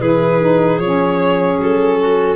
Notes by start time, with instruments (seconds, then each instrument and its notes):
0.00 tuba E3, saxophone E4, clarinet G#4, violin B4
0.40 saxophone D#4
0.79 tuba F3, saxophone C#4, violin C#5
1.58 tuba F#3, violin A4
2.00 clarinet F#4